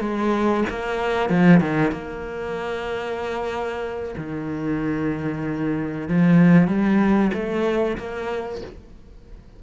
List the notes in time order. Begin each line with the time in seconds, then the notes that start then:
0.00 G#3
0.69 A#3
1.29 F3
1.60 D#3
1.91 A#3
4.17 D#3
6.08 F3
6.67 G3
7.33 A3
7.98 A#3